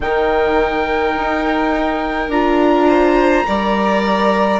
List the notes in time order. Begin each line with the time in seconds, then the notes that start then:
0.00 D#3 D#4 A#4 G5
1.16 D#4
2.28 D4 F4 A#5
2.88 C5
3.47 G3 A#4 D5